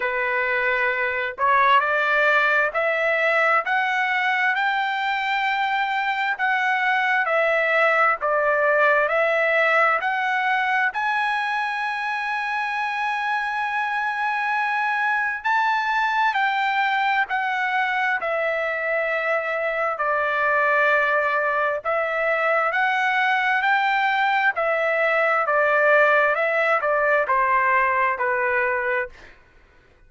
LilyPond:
\new Staff \with { instrumentName = "trumpet" } { \time 4/4 \tempo 4 = 66 b'4. cis''8 d''4 e''4 | fis''4 g''2 fis''4 | e''4 d''4 e''4 fis''4 | gis''1~ |
gis''4 a''4 g''4 fis''4 | e''2 d''2 | e''4 fis''4 g''4 e''4 | d''4 e''8 d''8 c''4 b'4 | }